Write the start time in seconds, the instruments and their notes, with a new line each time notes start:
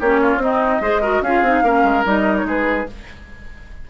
0.00 bassoon A#3, clarinet C#4, oboe G4, flute C#5
0.21 oboe F4
0.36 bassoon C4, clarinet C4, flute D#5
0.42 oboe D#4
0.80 bassoon G#3, clarinet G#4, oboe C5
1.01 clarinet F#4, oboe A#4
1.22 bassoon C#4, clarinet F4, oboe G#4, flute F5
1.42 bassoon C4, clarinet D#4
1.63 bassoon A#3, clarinet C#4, oboe A#4
1.84 bassoon G#3
2.04 bassoon G3, clarinet D#4, flute D#5
2.37 flute C#5
2.45 bassoon G#3, oboe G#4, flute B4